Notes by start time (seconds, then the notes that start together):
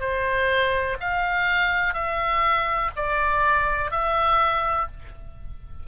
0.00 C5
1.00 F5
1.94 E5
2.96 D5
3.91 E5